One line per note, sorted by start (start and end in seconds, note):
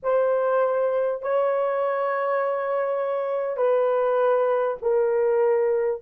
0.03 1.22 C5
1.22 3.57 C#5
3.57 4.77 B4
4.82 6.01 A#4